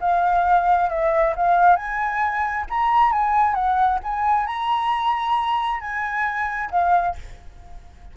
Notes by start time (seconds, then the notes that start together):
0.00 F5
0.89 E5
1.36 F5
1.76 G#5
2.69 A#5
3.11 G#5
3.54 F#5
4.03 G#5
4.46 A#5
5.80 G#5
6.70 F5